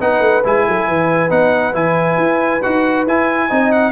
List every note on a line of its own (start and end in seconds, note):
0.00 0.20 B3
0.00 0.44 D#4
0.00 0.67 B4
0.00 0.45 F#5
0.20 0.42 A3
0.45 0.68 G#3
0.45 1.30 E4
0.45 1.31 G#5
0.67 0.88 F#3
0.67 0.88 A4
0.88 1.31 E3
0.88 3.49 B4
1.30 1.74 B3
1.30 1.74 D#4
1.30 1.75 F#5
1.74 2.17 E3
1.74 2.61 E4
1.74 2.62 G#5
2.17 2.61 E4
2.62 3.07 D#4
2.62 3.08 F#4
2.62 3.06 F#5
3.07 3.50 E4
3.07 3.72 G#5
3.49 3.92 C4
3.49 3.92 D#4
3.49 3.92 D#5
3.72 3.92 F#5